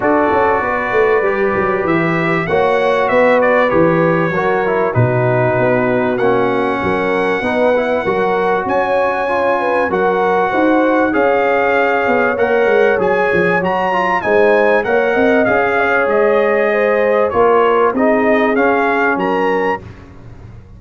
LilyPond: <<
  \new Staff \with { instrumentName = "trumpet" } { \time 4/4 \tempo 4 = 97 d''2. e''4 | fis''4 e''8 d''8 cis''2 | b'2 fis''2~ | fis''2 gis''2 |
fis''2 f''2 | fis''4 gis''4 ais''4 gis''4 | fis''4 f''4 dis''2 | cis''4 dis''4 f''4 ais''4 | }
  \new Staff \with { instrumentName = "horn" } { \time 4/4 a'4 b'2. | cis''4 b'2 ais'4 | fis'2. ais'4 | b'4 ais'4 cis''4. b'8 |
ais'4 c''4 cis''2~ | cis''2. c''4 | cis''8 dis''8. f''16 cis''4. c''4 | ais'4 gis'2 ais'4 | }
  \new Staff \with { instrumentName = "trombone" } { \time 4/4 fis'2 g'2 | fis'2 g'4 fis'8 e'8 | dis'2 cis'2 | dis'8 e'8 fis'2 f'4 |
fis'2 gis'2 | ais'4 gis'4 fis'8 f'8 dis'4 | ais'4 gis'2. | f'4 dis'4 cis'2 | }
  \new Staff \with { instrumentName = "tuba" } { \time 4/4 d'8 cis'8 b8 a8 g8 fis8 e4 | ais4 b4 e4 fis4 | b,4 b4 ais4 fis4 | b4 fis4 cis'2 |
fis4 dis'4 cis'4. b8 | ais8 gis8 fis8 f8 fis4 gis4 | ais8 c'8 cis'4 gis2 | ais4 c'4 cis'4 fis4 | }
>>